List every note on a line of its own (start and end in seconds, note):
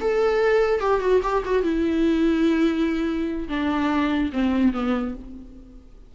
0.00 0.80 A4
0.80 1.00 G4
1.00 1.20 F#4
1.23 1.43 G4
1.45 1.63 F#4
1.63 3.48 E4
3.48 4.30 D4
4.32 4.73 C4
4.73 5.14 B3